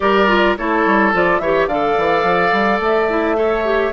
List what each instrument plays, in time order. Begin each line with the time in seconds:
0.00 bassoon G3, clarinet G4, oboe A#4, flute D5
0.28 clarinet F4
0.57 bassoon A3, clarinet E4, oboe A4, flute C#5
0.86 bassoon G3
1.13 bassoon F3, clarinet F4, flute D5
1.38 bassoon E3, clarinet G4, oboe C#5, flute E5
1.66 bassoon D3, clarinet A4, oboe D5, flute F5
1.97 bassoon E3
2.23 bassoon F3
2.51 bassoon G3
2.79 bassoon A3, flute E5
3.09 clarinet E4
3.35 clarinet A4, oboe C#5
3.64 clarinet G4